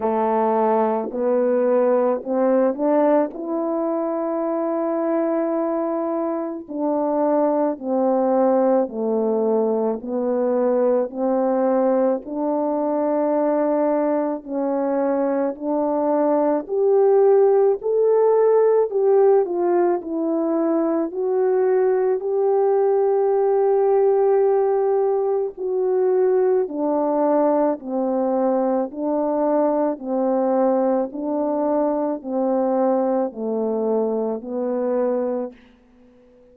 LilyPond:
\new Staff \with { instrumentName = "horn" } { \time 4/4 \tempo 4 = 54 a4 b4 c'8 d'8 e'4~ | e'2 d'4 c'4 | a4 b4 c'4 d'4~ | d'4 cis'4 d'4 g'4 |
a'4 g'8 f'8 e'4 fis'4 | g'2. fis'4 | d'4 c'4 d'4 c'4 | d'4 c'4 a4 b4 | }